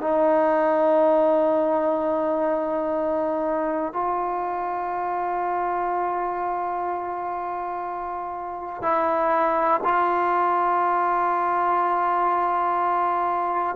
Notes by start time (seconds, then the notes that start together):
0.00 D#4
3.93 F4
8.82 E4
9.84 F4